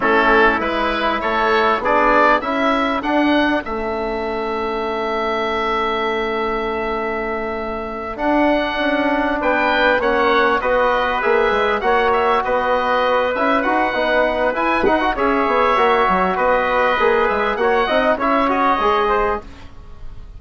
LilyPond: <<
  \new Staff \with { instrumentName = "oboe" } { \time 4/4 \tempo 4 = 99 a'4 b'4 cis''4 d''4 | e''4 fis''4 e''2~ | e''1~ | e''4. fis''2 g''8~ |
g''8 fis''4 dis''4 e''4 fis''8 | e''8 dis''4. e''8 fis''4. | gis''8 fis''8 e''2 dis''4~ | dis''8 e''8 fis''4 e''8 dis''4. | }
  \new Staff \with { instrumentName = "trumpet" } { \time 4/4 e'2 a'4 gis'4 | a'1~ | a'1~ | a'2.~ a'8 b'8~ |
b'8 cis''4 b'2 cis''8~ | cis''8 b'2.~ b'8~ | b'4 cis''2 b'4~ | b'4 cis''8 dis''8 cis''4. c''8 | }
  \new Staff \with { instrumentName = "trombone" } { \time 4/4 cis'4 e'2 d'4 | e'4 d'4 cis'2~ | cis'1~ | cis'4. d'2~ d'8~ |
d'8 cis'4 fis'4 gis'4 fis'8~ | fis'2 e'8 fis'8 dis'4 | e'8 dis'16 fis'16 gis'4 fis'2 | gis'4 fis'8 dis'8 e'8 fis'8 gis'4 | }
  \new Staff \with { instrumentName = "bassoon" } { \time 4/4 a4 gis4 a4 b4 | cis'4 d'4 a2~ | a1~ | a4. d'4 cis'4 b8~ |
b8 ais4 b4 ais8 gis8 ais8~ | ais8 b4. cis'8 dis'8 b4 | e'8 dis'8 cis'8 b8 ais8 fis8 b4 | ais8 gis8 ais8 c'8 cis'4 gis4 | }
>>